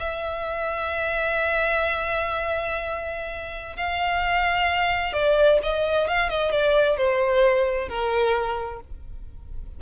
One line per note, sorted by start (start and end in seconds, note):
0.00 3.77 E5
3.77 5.14 F5
5.14 5.59 D5
5.63 6.08 D#5
6.08 6.30 F5
6.30 6.52 D#5
6.52 6.98 D5
6.98 7.89 C5
7.89 8.80 A#4